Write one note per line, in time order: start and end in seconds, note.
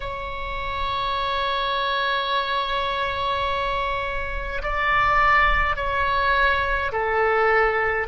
0.00 4.62 C#5
4.62 5.76 D5
5.76 6.91 C#5
6.92 8.07 A4